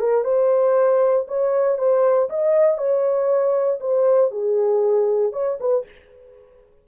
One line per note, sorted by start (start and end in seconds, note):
0.00 0.25 A#4
0.25 1.26 C5
1.28 1.79 C#5
1.79 2.30 C5
2.30 2.78 D#5
2.78 3.80 C#5
3.81 4.31 C5
4.31 5.33 G#4
5.33 5.58 C#5
5.60 5.86 B4